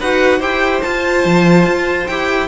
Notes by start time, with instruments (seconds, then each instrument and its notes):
0.00 cello D#4, viola F#4, violin B4 F#5
0.39 cello E4, viola G4, violin C5 G5
0.82 viola F4, cello F4, violin A5
1.25 cello F3
1.66 cello F4
2.07 cello E4, viola G4, violin G5